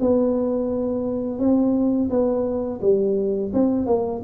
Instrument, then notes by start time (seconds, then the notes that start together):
tuba
0.00 B3
1.38 C4
2.10 B3
2.81 G3
3.53 C4
3.86 A#3